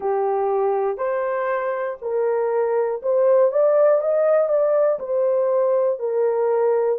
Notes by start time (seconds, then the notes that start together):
0.00 G4
0.97 C5
2.01 A#4
3.02 C5
3.51 D5
4.01 D#5
4.49 D5
4.99 C5
5.99 A#4